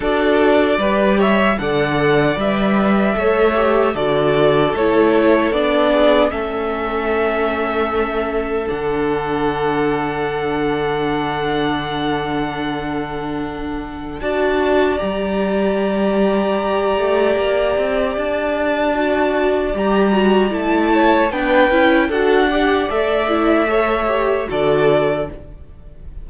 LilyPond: <<
  \new Staff \with { instrumentName = "violin" } { \time 4/4 \tempo 4 = 76 d''4. e''8 fis''4 e''4~ | e''4 d''4 cis''4 d''4 | e''2. fis''4~ | fis''1~ |
fis''2 a''4 ais''4~ | ais''2. a''4~ | a''4 ais''4 a''4 g''4 | fis''4 e''2 d''4 | }
  \new Staff \with { instrumentName = "violin" } { \time 4/4 a'4 b'8 cis''8 d''2 | cis''4 a'2~ a'8 gis'8 | a'1~ | a'1~ |
a'2 d''2~ | d''1~ | d''2~ d''8 cis''8 b'4 | a'8 d''4. cis''4 a'4 | }
  \new Staff \with { instrumentName = "viola" } { \time 4/4 fis'4 g'4 a'4 b'4 | a'8 g'8 fis'4 e'4 d'4 | cis'2. d'4~ | d'1~ |
d'2 fis'4 g'4~ | g'1 | fis'4 g'8 fis'8 e'4 d'8 e'8 | fis'8 g'8 a'8 e'8 a'8 g'8 fis'4 | }
  \new Staff \with { instrumentName = "cello" } { \time 4/4 d'4 g4 d4 g4 | a4 d4 a4 b4 | a2. d4~ | d1~ |
d2 d'4 g4~ | g4. a8 ais8 c'8 d'4~ | d'4 g4 a4 b8 cis'8 | d'4 a2 d4 | }
>>